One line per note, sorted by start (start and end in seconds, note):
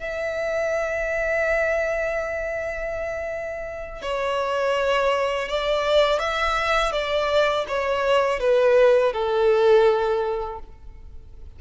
0.00 4.02 E5
4.02 5.49 C#5
5.49 6.20 D5
6.20 6.93 E5
6.93 7.66 D5
7.68 8.40 C#5
8.40 9.13 B4
9.13 10.60 A4